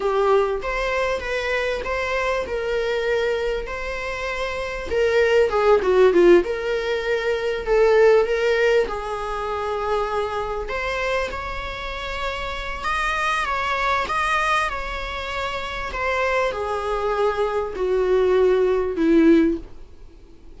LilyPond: \new Staff \with { instrumentName = "viola" } { \time 4/4 \tempo 4 = 98 g'4 c''4 b'4 c''4 | ais'2 c''2 | ais'4 gis'8 fis'8 f'8 ais'4.~ | ais'8 a'4 ais'4 gis'4.~ |
gis'4. c''4 cis''4.~ | cis''4 dis''4 cis''4 dis''4 | cis''2 c''4 gis'4~ | gis'4 fis'2 e'4 | }